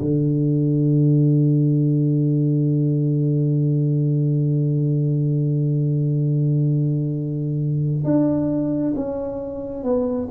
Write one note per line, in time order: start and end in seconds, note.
0.00 8.04 D3
8.04 8.93 D4
8.96 9.83 C#4
9.83 10.28 B3